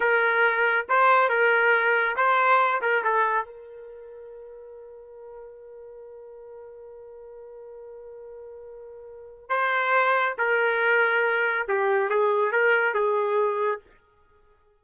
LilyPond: \new Staff \with { instrumentName = "trumpet" } { \time 4/4 \tempo 4 = 139 ais'2 c''4 ais'4~ | ais'4 c''4. ais'8 a'4 | ais'1~ | ais'1~ |
ais'1~ | ais'2 c''2 | ais'2. g'4 | gis'4 ais'4 gis'2 | }